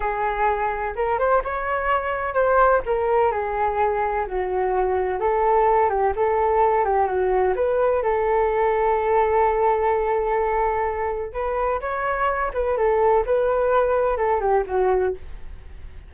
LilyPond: \new Staff \with { instrumentName = "flute" } { \time 4/4 \tempo 4 = 127 gis'2 ais'8 c''8 cis''4~ | cis''4 c''4 ais'4 gis'4~ | gis'4 fis'2 a'4~ | a'8 g'8 a'4. g'8 fis'4 |
b'4 a'2.~ | a'1 | b'4 cis''4. b'8 a'4 | b'2 a'8 g'8 fis'4 | }